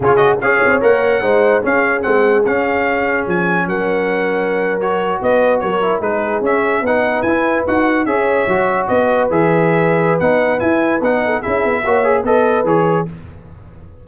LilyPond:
<<
  \new Staff \with { instrumentName = "trumpet" } { \time 4/4 \tempo 4 = 147 cis''8 dis''8 f''4 fis''2 | f''4 fis''4 f''2 | gis''4 fis''2~ fis''8. cis''16~ | cis''8. dis''4 cis''4 b'4 e''16~ |
e''8. fis''4 gis''4 fis''4 e''16~ | e''4.~ e''16 dis''4 e''4~ e''16~ | e''4 fis''4 gis''4 fis''4 | e''2 dis''4 cis''4 | }
  \new Staff \with { instrumentName = "horn" } { \time 4/4 gis'4 cis''2 c''4 | gis'1~ | gis'4 ais'2.~ | ais'8. b'4 ais'4 gis'4~ gis'16~ |
gis'8. b'2. cis''16~ | cis''4.~ cis''16 b'2~ b'16~ | b'2.~ b'8 a'8 | gis'4 cis''4 b'2 | }
  \new Staff \with { instrumentName = "trombone" } { \time 4/4 f'8 fis'8 gis'4 ais'4 dis'4 | cis'4 c'4 cis'2~ | cis'2.~ cis'8. fis'16~ | fis'2~ fis'16 e'8 dis'4 cis'16~ |
cis'8. dis'4 e'4 fis'4 gis'16~ | gis'8. fis'2 gis'4~ gis'16~ | gis'4 dis'4 e'4 dis'4 | e'4 fis'8 gis'8 a'4 gis'4 | }
  \new Staff \with { instrumentName = "tuba" } { \time 4/4 cis4 cis'8 c'8 ais4 gis4 | cis'4 gis4 cis'2 | f4 fis2.~ | fis8. b4 fis4 gis4 cis'16~ |
cis'8. b4 e'4 dis'4 cis'16~ | cis'8. fis4 b4 e4~ e16~ | e4 b4 e'4 b4 | cis'8 b8 ais4 b4 e4 | }
>>